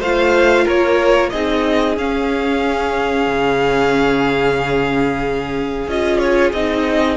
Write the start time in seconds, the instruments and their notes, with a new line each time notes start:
0.00 cello A3, viola F4, violin C5 F5
0.64 cello A#3, violin A#4 C#5
1.30 cello C4, viola D#4, violin G#4 D#5
1.97 cello C#4, viola C#4, violin F5
3.27 cello C#3
5.87 cello C#4, viola F4, violin D#5
6.19 violin C#5
6.53 cello C4, viola D#4, violin D#5